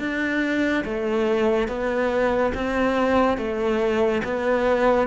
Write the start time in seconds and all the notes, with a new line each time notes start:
0.00 D4
0.85 A3
1.69 B3
2.55 C4
3.38 A3
4.24 B3